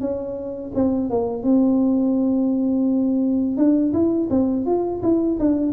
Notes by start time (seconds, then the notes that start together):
0.00 C#4
0.75 C4
1.10 A#3
1.43 C4
3.57 D4
3.93 E4
4.31 C4
4.66 F4
5.03 E4
5.39 D4